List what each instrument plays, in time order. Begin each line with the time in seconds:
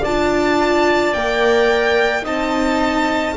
0.00 double bass D4, viola F4, clarinet D5, violin A5
1.13 double bass A#3, viola A#4, violin G5
2.22 double bass C4, viola D#4, clarinet D#5, violin A5